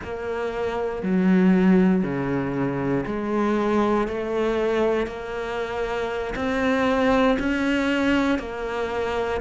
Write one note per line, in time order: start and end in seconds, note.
0.03 1.03 A#3
1.03 2.03 F#3
2.03 3.05 C#3
3.06 4.07 G#3
4.07 5.06 A3
5.06 6.33 A#3
6.36 7.37 C4
7.39 8.39 C#4
8.39 9.40 A#3